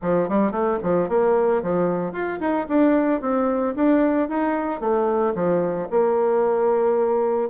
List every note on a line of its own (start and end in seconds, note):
0.01 0.28 F3
0.28 0.51 G3
0.51 0.78 A3
0.82 1.08 F3
1.08 1.62 A#3
1.62 2.12 F3
2.12 2.39 F4
2.40 2.66 D#4
2.68 3.21 D4
3.21 3.74 C4
3.75 4.29 D4
4.29 4.80 D#4
4.80 5.34 A3
5.34 5.88 F3
5.90 7.49 A#3